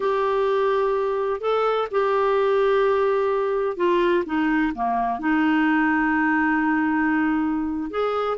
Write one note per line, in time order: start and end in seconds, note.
0.00 1.40 G4
1.40 1.88 A4
1.91 3.76 G4
3.76 4.23 F4
4.25 4.72 D#4
4.74 5.19 A#3
5.19 7.90 D#4
7.90 8.37 G#4